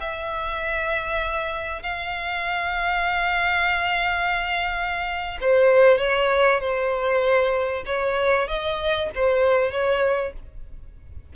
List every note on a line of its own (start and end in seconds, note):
0.00 1.82 E5
1.82 5.38 F5
5.41 5.98 C5
5.98 6.60 C#5
6.60 7.84 C5
7.86 8.47 C#5
8.47 9.09 D#5
9.15 9.71 C5
9.71 10.33 C#5